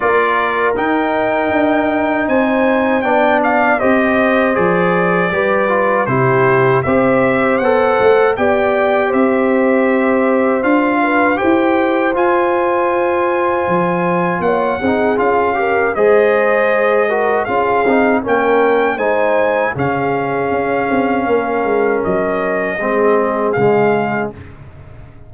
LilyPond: <<
  \new Staff \with { instrumentName = "trumpet" } { \time 4/4 \tempo 4 = 79 d''4 g''2 gis''4 | g''8 f''8 dis''4 d''2 | c''4 e''4 fis''4 g''4 | e''2 f''4 g''4 |
gis''2. fis''4 | f''4 dis''2 f''4 | g''4 gis''4 f''2~ | f''4 dis''2 f''4 | }
  \new Staff \with { instrumentName = "horn" } { \time 4/4 ais'2. c''4 | d''4 c''2 b'4 | g'4 c''2 d''4 | c''2~ c''8 b'8 c''4~ |
c''2. cis''8 gis'8~ | gis'8 ais'8 c''4. ais'8 gis'4 | ais'4 c''4 gis'2 | ais'2 gis'2 | }
  \new Staff \with { instrumentName = "trombone" } { \time 4/4 f'4 dis'2. | d'4 g'4 gis'4 g'8 f'8 | e'4 g'4 a'4 g'4~ | g'2 f'4 g'4 |
f'2.~ f'8 dis'8 | f'8 g'8 gis'4. fis'8 f'8 dis'8 | cis'4 dis'4 cis'2~ | cis'2 c'4 gis4 | }
  \new Staff \with { instrumentName = "tuba" } { \time 4/4 ais4 dis'4 d'4 c'4 | b4 c'4 f4 g4 | c4 c'4 b8 a8 b4 | c'2 d'4 e'4 |
f'2 f4 ais8 c'8 | cis'4 gis2 cis'8 c'8 | ais4 gis4 cis4 cis'8 c'8 | ais8 gis8 fis4 gis4 cis4 | }
>>